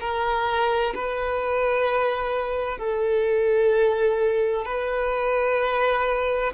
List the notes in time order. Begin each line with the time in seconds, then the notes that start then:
0.00 A#4
0.95 B4
2.78 A4
4.65 B4